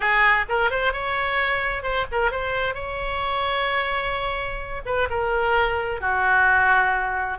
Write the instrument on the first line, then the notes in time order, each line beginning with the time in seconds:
oboe
0.00 G#4
0.48 A#4
0.70 C5
0.93 C#5
1.82 C5
2.11 A#4
2.31 C5
2.74 C#5
4.85 B4
5.10 A#4
6.00 F#4